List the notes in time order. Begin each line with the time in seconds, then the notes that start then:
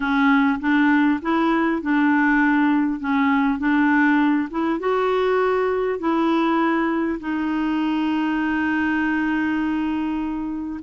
0.00 C#4
0.60 D4
1.22 E4
1.82 D4
3.00 C#4
3.58 D4
4.50 E4
4.79 F#4
5.99 E4
7.20 D#4